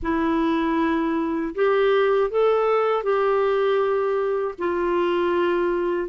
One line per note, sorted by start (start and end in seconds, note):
0.02 1.54 E4
1.54 2.30 G4
2.30 3.03 A4
3.03 4.55 G4
4.58 6.09 F4